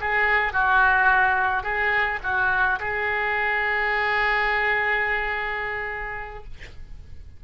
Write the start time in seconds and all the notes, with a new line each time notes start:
0.00 G#4
0.53 F#4
1.63 G#4
2.23 F#4
2.80 G#4